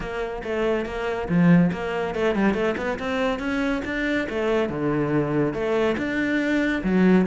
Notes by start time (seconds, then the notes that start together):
0.00 A#3
0.43 A3
0.85 A#3
1.28 F3
1.72 A#3
2.14 A3
2.35 G3
2.53 A3
2.77 B3
2.99 C4
3.39 C#4
3.85 D4
4.29 A3
4.69 D3
5.53 A3
5.97 D4
6.83 F#3